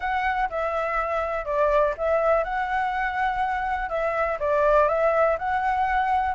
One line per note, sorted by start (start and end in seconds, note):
0.00 0.49 F#5
0.49 1.45 E5
1.45 1.94 D5
1.97 2.44 E5
2.44 3.89 F#5
3.89 4.38 E5
4.39 4.88 D5
4.88 5.37 E5
5.38 6.35 F#5